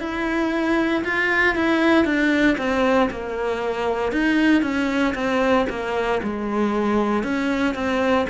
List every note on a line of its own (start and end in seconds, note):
0.00 1.03 E4
1.04 1.55 F4
1.55 2.05 E4
2.05 2.57 D4
2.58 3.10 C4
3.10 4.12 A#3
4.12 4.62 D#4
4.62 5.14 C#4
5.15 5.67 C4
5.69 6.21 A#3
6.23 7.24 G#3
7.24 7.74 C#4
7.74 8.26 C4